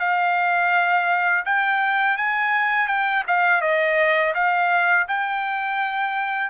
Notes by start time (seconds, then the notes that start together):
0.00 F5
1.46 G5
2.18 G#5
2.88 G5
3.27 F5
3.61 D#5
4.35 F5
5.08 G5